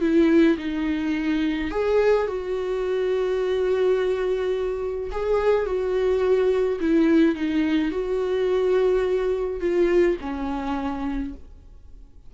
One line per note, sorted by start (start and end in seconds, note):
0.00 0.57 E4
0.58 1.71 D#4
1.71 2.27 G#4
2.27 5.10 F#4
5.11 5.66 G#4
5.66 6.79 F#4
6.80 7.35 E4
7.35 7.91 D#4
7.91 9.60 F#4
9.60 10.17 F4
10.21 11.34 C#4